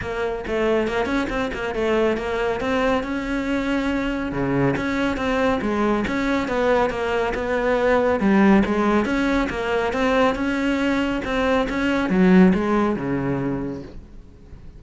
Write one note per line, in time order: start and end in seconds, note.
0.01 0.44 A#3
0.47 0.87 A3
0.87 1.05 A#3
1.05 1.27 C#4
1.29 1.51 C4
1.53 1.75 A#3
1.75 2.17 A3
2.17 2.60 A#3
2.60 3.03 C4
3.03 4.32 C#4
4.32 4.75 C#3
4.76 5.16 C#4
5.16 5.59 C4
5.61 6.04 G#3
6.07 6.48 C#4
6.48 6.90 B3
6.90 7.33 A#3
7.34 8.19 B3
8.19 8.63 G3
8.65 9.05 G#3
9.05 9.48 C#4
9.49 9.92 A#3
9.92 10.35 C4
10.35 11.21 C#4
11.24 11.67 C4
11.69 12.09 C#4
12.09 12.52 F#3
12.54 12.96 G#3
12.96 13.82 C#3